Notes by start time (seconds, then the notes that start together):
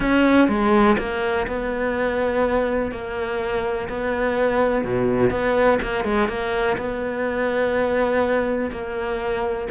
0.00 C#4
0.48 G#3
0.98 A#3
1.47 B3
2.91 A#3
3.88 B3
4.84 B2
5.30 B3
5.82 A#3
6.04 G#3
6.28 A#3
6.77 B3
8.71 A#3